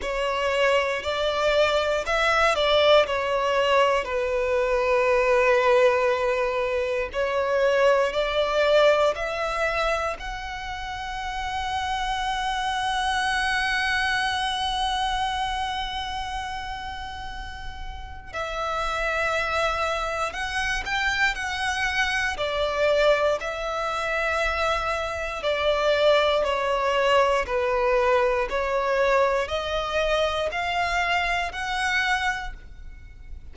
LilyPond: \new Staff \with { instrumentName = "violin" } { \time 4/4 \tempo 4 = 59 cis''4 d''4 e''8 d''8 cis''4 | b'2. cis''4 | d''4 e''4 fis''2~ | fis''1~ |
fis''2 e''2 | fis''8 g''8 fis''4 d''4 e''4~ | e''4 d''4 cis''4 b'4 | cis''4 dis''4 f''4 fis''4 | }